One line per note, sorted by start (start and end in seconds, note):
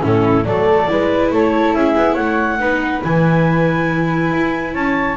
0.00 0.44 A2
0.00 0.43 C#4
0.00 0.45 E4
0.00 0.44 A4
0.44 0.87 F#3
0.44 0.88 A3
0.44 0.89 A4
0.44 1.30 D5
0.88 1.31 G#3
0.88 2.59 E4
0.88 1.33 B4
1.31 1.73 A3
1.31 1.76 A4
1.31 1.73 C#5
1.73 1.95 C#4
1.73 2.14 G#4
1.73 2.15 E5
1.96 2.17 B3
2.14 2.59 A3
2.14 2.57 C#5
2.14 3.01 F#5
2.59 3.02 B3
2.59 3.02 D#4
2.59 4.73 B4
3.03 4.32 E3
3.03 5.16 E4
3.03 4.74 G#5
4.32 4.74 E4
4.73 5.16 C#4
4.73 5.16 C#5
4.73 5.16 A5